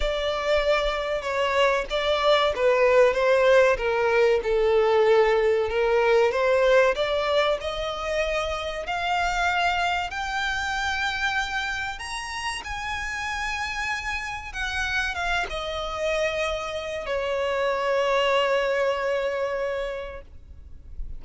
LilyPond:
\new Staff \with { instrumentName = "violin" } { \time 4/4 \tempo 4 = 95 d''2 cis''4 d''4 | b'4 c''4 ais'4 a'4~ | a'4 ais'4 c''4 d''4 | dis''2 f''2 |
g''2. ais''4 | gis''2. fis''4 | f''8 dis''2~ dis''8 cis''4~ | cis''1 | }